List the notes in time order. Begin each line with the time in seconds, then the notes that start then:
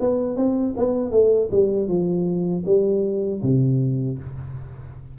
0.00 B3
0.36 C4
0.77 B3
1.11 A3
1.51 G3
1.88 F3
2.65 G3
3.42 C3